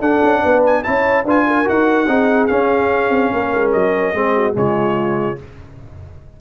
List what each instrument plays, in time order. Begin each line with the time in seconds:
0.00 tuba D4, trombone D4, horn A4, trumpet F#5
0.23 tuba C#4
0.42 tuba B3, horn B4
0.66 trumpet G#5
0.84 tuba C#4, trombone E4, horn C#5, trumpet A5
1.24 tuba D4, trombone F4, horn B4, trumpet G#5
1.47 horn A#4
1.65 tuba D#4, trombone F#4, trumpet F#5
2.08 tuba C4, trombone D#4, horn G#4
2.47 trombone C#4, tuba C#4, trumpet F5
3.10 tuba C4
3.33 tuba A#3, horn A#4
3.54 tuba G#3
3.72 tuba F#3, trumpet D#5
4.14 tuba G#3, trombone C4, horn G#4
4.36 horn F#4
4.53 tuba C#3, trombone G#3, horn F4, trumpet C#5